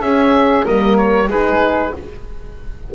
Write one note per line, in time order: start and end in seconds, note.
0.00 0.64 C#4
0.00 0.64 G#4
0.00 0.65 E5
0.64 1.27 G3
0.64 1.27 A#3
0.64 1.28 A#4
0.64 0.97 D#5
0.97 1.29 C#5
1.27 1.91 G#3
1.27 1.93 D#4
1.27 1.93 G#4
1.27 1.94 B4